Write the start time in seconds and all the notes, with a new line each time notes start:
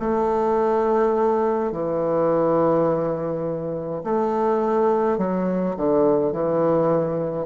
0.00 A3
1.72 E3
4.04 A3
5.18 F#3
5.76 D3
6.33 E3